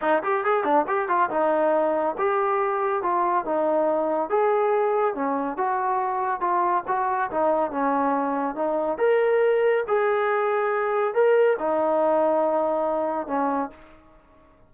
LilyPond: \new Staff \with { instrumentName = "trombone" } { \time 4/4 \tempo 4 = 140 dis'8 g'8 gis'8 d'8 g'8 f'8 dis'4~ | dis'4 g'2 f'4 | dis'2 gis'2 | cis'4 fis'2 f'4 |
fis'4 dis'4 cis'2 | dis'4 ais'2 gis'4~ | gis'2 ais'4 dis'4~ | dis'2. cis'4 | }